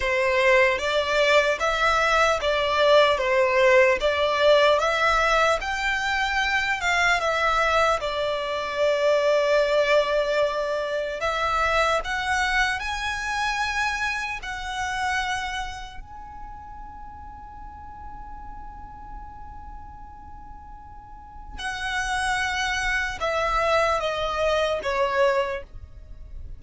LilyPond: \new Staff \with { instrumentName = "violin" } { \time 4/4 \tempo 4 = 75 c''4 d''4 e''4 d''4 | c''4 d''4 e''4 g''4~ | g''8 f''8 e''4 d''2~ | d''2 e''4 fis''4 |
gis''2 fis''2 | gis''1~ | gis''2. fis''4~ | fis''4 e''4 dis''4 cis''4 | }